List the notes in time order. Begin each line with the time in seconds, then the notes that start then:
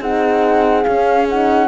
0.00 C4 D#4 G#4 F#5
0.84 C#4 F5
1.29 D#4 F#5